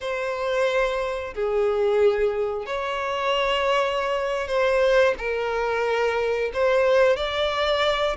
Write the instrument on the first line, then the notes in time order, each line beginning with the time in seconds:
violin
0.00 C5
1.34 G#4
2.66 C#5
4.47 C5
5.18 A#4
6.53 C5
7.16 D5